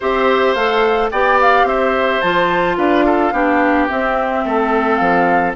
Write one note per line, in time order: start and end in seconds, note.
0.00 0.54 C4
0.00 0.56 G4
0.00 1.10 C5
0.00 0.54 E5
0.54 1.10 A3
0.54 1.12 A4
0.54 1.10 F5
1.11 1.63 B3
1.11 2.22 G4
1.11 1.66 D5
1.11 1.39 G5
1.41 1.67 F5
1.63 2.19 C4
1.63 2.77 C5
1.63 2.21 E5
2.21 2.77 F3
2.21 3.33 F4
2.21 2.76 A5
2.77 3.32 D4
2.77 3.05 B4
2.77 3.88 F5
3.05 3.33 A4
3.32 3.88 B3
3.32 3.88 D4
3.32 4.44 G4
3.88 5.55 C4
3.88 4.44 C4
3.88 4.95 E5
4.44 4.99 A3
4.44 5.55 A4
4.95 5.55 F3
4.95 5.51 F5